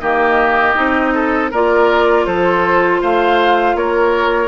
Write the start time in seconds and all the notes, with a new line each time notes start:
0.00 D#3 A#3 G4 D#5
0.75 C4 D#4
1.14 A4
1.51 A#3 F4 A#4 D5
2.26 F3 A4 C5
3.01 A3 C5 F5
3.75 A#3 A#4 C#5